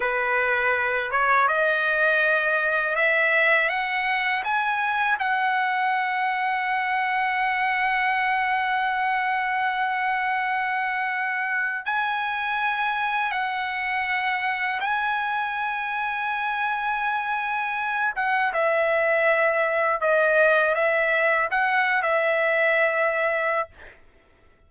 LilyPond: \new Staff \with { instrumentName = "trumpet" } { \time 4/4 \tempo 4 = 81 b'4. cis''8 dis''2 | e''4 fis''4 gis''4 fis''4~ | fis''1~ | fis''1 |
gis''2 fis''2 | gis''1~ | gis''8 fis''8 e''2 dis''4 | e''4 fis''8. e''2~ e''16 | }